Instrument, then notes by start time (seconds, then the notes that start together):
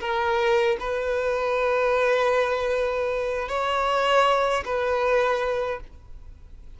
violin
0.00 A#4
0.80 B4
3.48 C#5
4.65 B4